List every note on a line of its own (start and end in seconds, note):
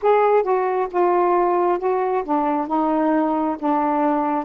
0.02 0.42 G#4
0.42 0.87 F#4
0.90 1.78 F4
1.78 2.23 F#4
2.24 2.67 D4
2.67 3.56 D#4
3.59 4.44 D4